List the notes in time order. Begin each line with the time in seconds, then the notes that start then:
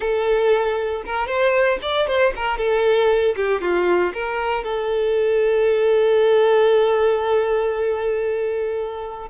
0.00 A4
1.05 A#4
1.27 C5
1.82 D5
2.07 C5
2.35 A#4
2.57 A4
3.36 G4
3.61 F4
4.13 A#4
4.64 A4